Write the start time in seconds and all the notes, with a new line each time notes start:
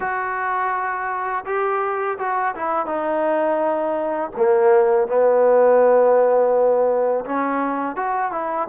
0.00 F#4
1.45 G4
2.18 F#4
2.55 E4
2.86 D#4
4.36 A#3
5.07 B3
7.25 C#4
7.96 F#4
8.31 E4